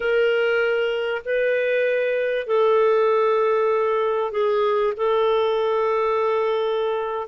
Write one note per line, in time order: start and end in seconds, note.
0.00 1.22 A#4
1.25 2.47 B4
2.47 4.31 A4
4.31 4.93 G#4
4.97 7.27 A4